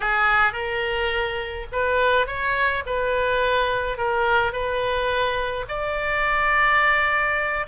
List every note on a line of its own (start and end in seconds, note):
0.00 0.52 G#4
0.52 1.66 A#4
1.71 2.26 B4
2.26 2.83 C#5
2.86 3.97 B4
3.97 4.52 A#4
4.52 5.65 B4
5.68 7.66 D5